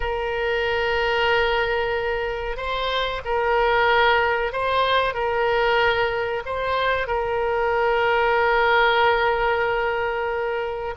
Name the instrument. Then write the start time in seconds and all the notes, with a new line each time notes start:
oboe
0.00 A#4
2.56 C5
3.25 A#4
4.52 C5
5.13 A#4
6.45 C5
7.07 A#4